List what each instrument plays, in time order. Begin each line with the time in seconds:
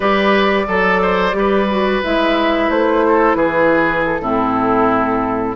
0.00 bassoon G3, clarinet G4, oboe B4, flute D5
0.67 bassoon F#3, oboe A4, clarinet A4
1.02 oboe C5
1.32 bassoon G3, clarinet G4, oboe B4
1.69 clarinet F#4
2.03 bassoon G#3, clarinet E4, flute E5
2.69 bassoon A3, flute C5
3.07 oboe A4
3.34 bassoon E3, oboe G#4, flute B4
4.05 flute A4
4.20 bassoon A2, clarinet C4, oboe E4